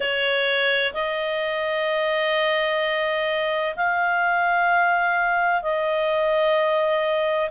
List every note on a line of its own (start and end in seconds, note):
0.00 0.93 C#5
0.93 3.75 D#5
3.75 5.62 F5
5.62 7.50 D#5